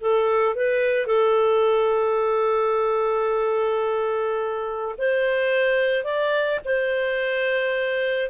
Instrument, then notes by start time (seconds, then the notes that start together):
clarinet
0.00 A4
0.55 B4
1.06 A4
4.98 C5
6.04 D5
6.65 C5